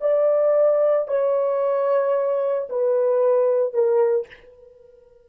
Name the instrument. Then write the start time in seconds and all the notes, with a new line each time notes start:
horn
0.00 D5
1.07 C#5
2.69 B4
3.73 A#4